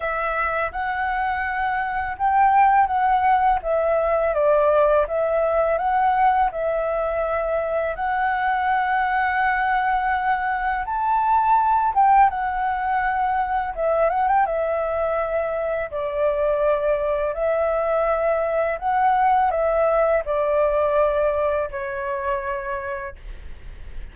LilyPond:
\new Staff \with { instrumentName = "flute" } { \time 4/4 \tempo 4 = 83 e''4 fis''2 g''4 | fis''4 e''4 d''4 e''4 | fis''4 e''2 fis''4~ | fis''2. a''4~ |
a''8 g''8 fis''2 e''8 fis''16 g''16 | e''2 d''2 | e''2 fis''4 e''4 | d''2 cis''2 | }